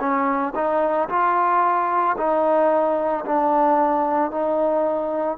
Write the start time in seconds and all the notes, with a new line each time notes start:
0.00 C#4
0.55 D#4
1.09 F4
2.18 D#4
3.26 D4
4.31 D#4